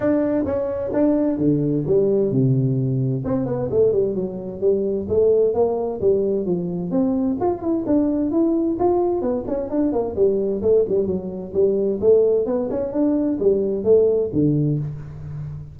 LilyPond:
\new Staff \with { instrumentName = "tuba" } { \time 4/4 \tempo 4 = 130 d'4 cis'4 d'4 d4 | g4 c2 c'8 b8 | a8 g8 fis4 g4 a4 | ais4 g4 f4 c'4 |
f'8 e'8 d'4 e'4 f'4 | b8 cis'8 d'8 ais8 g4 a8 g8 | fis4 g4 a4 b8 cis'8 | d'4 g4 a4 d4 | }